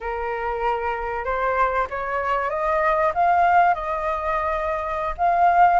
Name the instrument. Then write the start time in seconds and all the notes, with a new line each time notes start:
flute
0.00 A#4
1.24 C5
1.89 C#5
2.50 D#5
3.14 F5
3.74 D#5
5.17 F5